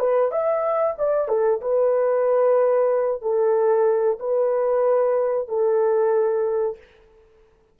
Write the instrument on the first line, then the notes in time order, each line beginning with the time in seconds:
horn
0.00 B4
0.32 E5
0.99 D5
1.29 A4
1.61 B4
3.22 A4
4.20 B4
5.49 A4